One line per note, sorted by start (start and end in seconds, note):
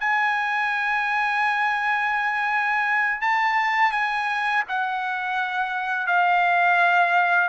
0.00 3.21 G#5
3.21 3.92 A5
3.92 4.63 G#5
4.68 6.07 F#5
6.07 7.49 F5